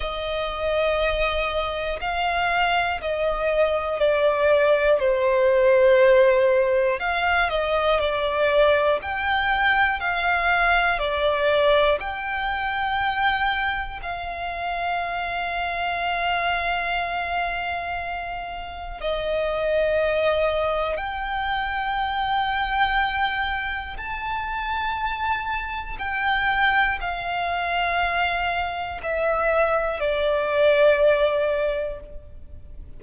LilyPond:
\new Staff \with { instrumentName = "violin" } { \time 4/4 \tempo 4 = 60 dis''2 f''4 dis''4 | d''4 c''2 f''8 dis''8 | d''4 g''4 f''4 d''4 | g''2 f''2~ |
f''2. dis''4~ | dis''4 g''2. | a''2 g''4 f''4~ | f''4 e''4 d''2 | }